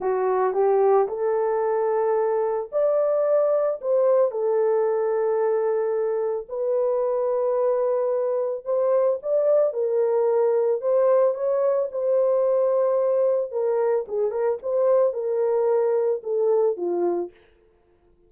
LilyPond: \new Staff \with { instrumentName = "horn" } { \time 4/4 \tempo 4 = 111 fis'4 g'4 a'2~ | a'4 d''2 c''4 | a'1 | b'1 |
c''4 d''4 ais'2 | c''4 cis''4 c''2~ | c''4 ais'4 gis'8 ais'8 c''4 | ais'2 a'4 f'4 | }